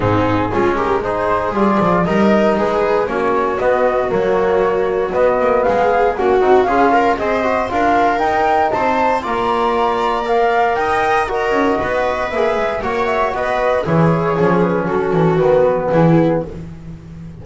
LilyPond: <<
  \new Staff \with { instrumentName = "flute" } { \time 4/4 \tempo 4 = 117 gis'4. ais'8 c''4 d''4 | dis''4 b'4 cis''4 dis''4 | cis''2 dis''4 f''4 | fis''4 f''4 dis''4 f''4 |
g''4 a''4 ais''2 | f''4 g''4 dis''2 | e''4 fis''8 e''8 dis''4 cis''4~ | cis''8 b'8 a'4 b'4 gis'4 | }
  \new Staff \with { instrumentName = "viola" } { \time 4/4 dis'4 f'8 g'8 gis'2 | ais'4 gis'4 fis'2~ | fis'2. gis'4 | fis'4 gis'8 ais'8 c''4 ais'4~ |
ais'4 c''4 d''2~ | d''4 dis''4 ais'4 b'4~ | b'4 cis''4 b'4 gis'4~ | gis'4 fis'2 e'4 | }
  \new Staff \with { instrumentName = "trombone" } { \time 4/4 c'4 cis'4 dis'4 f'4 | dis'2 cis'4 b4 | ais2 b2 | cis'8 dis'8 f'4 gis'8 fis'8 f'4 |
dis'2 f'2 | ais'2 fis'2 | gis'4 fis'2 e'4 | cis'2 b2 | }
  \new Staff \with { instrumentName = "double bass" } { \time 4/4 gis,4 gis2 g8 f8 | g4 gis4 ais4 b4 | fis2 b8 ais8 gis4 | ais8 c'8 cis'4 c'4 d'4 |
dis'4 c'4 ais2~ | ais4 dis'4. cis'8 b4 | ais8 gis8 ais4 b4 e4 | f4 fis8 e8 dis4 e4 | }
>>